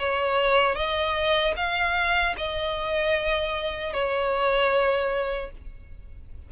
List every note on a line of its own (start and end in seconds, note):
0.00 0.76 C#5
0.76 1.55 D#5
1.57 2.36 F5
2.38 3.94 D#5
3.94 5.52 C#5